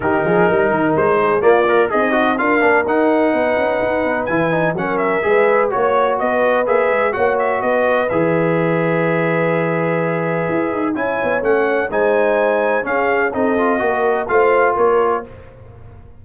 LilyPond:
<<
  \new Staff \with { instrumentName = "trumpet" } { \time 4/4 \tempo 4 = 126 ais'2 c''4 d''4 | dis''4 f''4 fis''2~ | fis''4 gis''4 fis''8 e''4. | cis''4 dis''4 e''4 fis''8 e''8 |
dis''4 e''2.~ | e''2. gis''4 | fis''4 gis''2 f''4 | dis''2 f''4 cis''4 | }
  \new Staff \with { instrumentName = "horn" } { \time 4/4 g'8 gis'8 ais'4. gis'8 f'4 | dis'4 ais'2 b'4~ | b'2 ais'4 b'4 | cis''4 b'2 cis''4 |
b'1~ | b'2. cis''4~ | cis''4 c''2 gis'4 | a'4 ais'4 c''4 ais'4 | }
  \new Staff \with { instrumentName = "trombone" } { \time 4/4 dis'2. ais8 ais'8 | gis'8 fis'8 f'8 d'8 dis'2~ | dis'4 e'8 dis'8 cis'4 gis'4 | fis'2 gis'4 fis'4~ |
fis'4 gis'2.~ | gis'2. e'4 | cis'4 dis'2 cis'4 | dis'8 f'8 fis'4 f'2 | }
  \new Staff \with { instrumentName = "tuba" } { \time 4/4 dis8 f8 g8 dis8 gis4 ais4 | c'4 d'8 ais8 dis'4 b8 cis'8 | dis'8 b8 e4 fis4 gis4 | ais4 b4 ais8 gis8 ais4 |
b4 e2.~ | e2 e'8 dis'8 cis'8 b8 | a4 gis2 cis'4 | c'4 ais4 a4 ais4 | }
>>